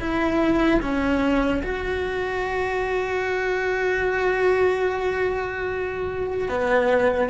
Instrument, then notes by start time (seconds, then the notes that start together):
cello
0.00 E4
0.81 C#4
1.63 F#4
6.49 B3